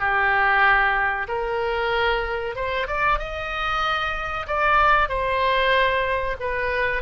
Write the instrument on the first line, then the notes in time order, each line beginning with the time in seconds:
oboe
0.00 G4
1.28 A#4
2.56 C5
2.88 D5
3.19 D#5
4.48 D5
5.09 C5
6.41 B4